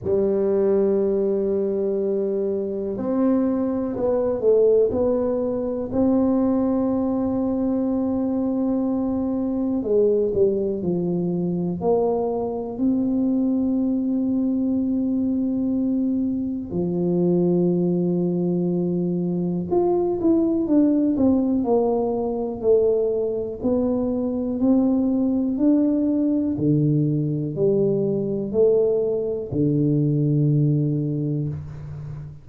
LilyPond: \new Staff \with { instrumentName = "tuba" } { \time 4/4 \tempo 4 = 61 g2. c'4 | b8 a8 b4 c'2~ | c'2 gis8 g8 f4 | ais4 c'2.~ |
c'4 f2. | f'8 e'8 d'8 c'8 ais4 a4 | b4 c'4 d'4 d4 | g4 a4 d2 | }